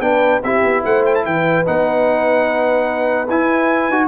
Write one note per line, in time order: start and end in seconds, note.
0.00 0.41 B3
0.00 0.41 D4
0.00 0.43 B4
0.00 0.41 G5
0.43 0.63 C4
0.43 1.65 E4
0.43 0.83 G4
0.43 0.83 E5
0.63 0.83 B3
0.84 1.25 A3
0.84 1.24 C5
0.84 1.05 F#5
1.05 1.14 G5
1.14 1.24 A5
1.24 1.66 E3
1.24 4.07 B4
1.24 1.65 G5
1.65 3.29 B3
1.65 3.27 D#4
1.65 3.28 F#5
3.29 3.88 E4
3.29 3.91 E4
3.29 4.07 G#5
3.88 4.07 D#4
3.88 4.07 F#4